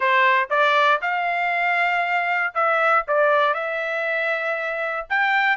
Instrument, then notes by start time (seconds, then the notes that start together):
trumpet
0.00 C5
0.49 D5
1.01 F5
2.54 E5
3.07 D5
3.54 E5
5.09 G5